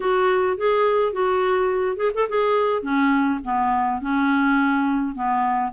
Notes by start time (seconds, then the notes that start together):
0.00 F#4
0.57 G#4
1.12 F#4
1.96 G#4
2.14 A4
2.29 G#4
2.82 C#4
3.44 B3
4.01 C#4
5.15 B3